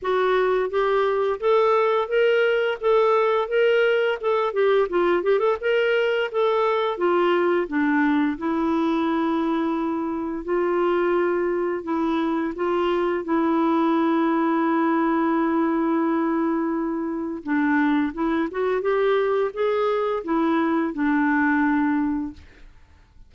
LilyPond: \new Staff \with { instrumentName = "clarinet" } { \time 4/4 \tempo 4 = 86 fis'4 g'4 a'4 ais'4 | a'4 ais'4 a'8 g'8 f'8 g'16 a'16 | ais'4 a'4 f'4 d'4 | e'2. f'4~ |
f'4 e'4 f'4 e'4~ | e'1~ | e'4 d'4 e'8 fis'8 g'4 | gis'4 e'4 d'2 | }